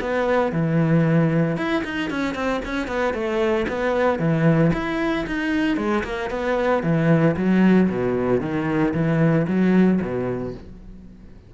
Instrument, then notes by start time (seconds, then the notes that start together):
cello
0.00 B3
0.52 E3
1.56 E4
1.84 D#4
2.10 C#4
2.34 C4
2.64 C#4
2.87 B3
3.13 A3
3.68 B3
4.18 E3
4.72 E4
5.26 D#4
5.77 G#3
6.04 A#3
6.30 B3
6.83 E3
7.36 F#3
7.89 B2
8.40 D#3
8.93 E3
9.47 F#3
10.01 B2